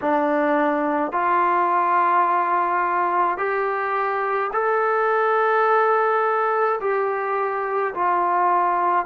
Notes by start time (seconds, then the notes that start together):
0.01 D4
1.12 F4
3.37 G4
4.53 A4
6.80 G4
7.94 F4